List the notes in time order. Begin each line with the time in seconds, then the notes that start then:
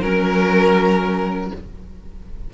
0.00 F#3 C#4 A#4